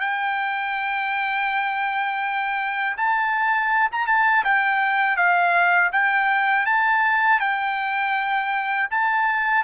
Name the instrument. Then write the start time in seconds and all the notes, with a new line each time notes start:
trumpet
0.00 G5
2.97 A5
3.92 A#5
4.07 A5
4.44 G5
5.16 F5
5.92 G5
6.65 A5
7.40 G5
8.91 A5